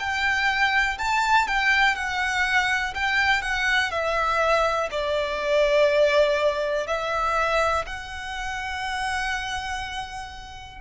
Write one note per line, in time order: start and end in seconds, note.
0.00 0.98 G5
0.99 1.48 A5
1.48 1.96 G5
1.96 2.95 F#5
2.95 3.42 G5
3.42 3.91 F#5
3.91 4.90 E5
4.91 6.88 D5
6.88 7.86 E5
7.86 10.82 F#5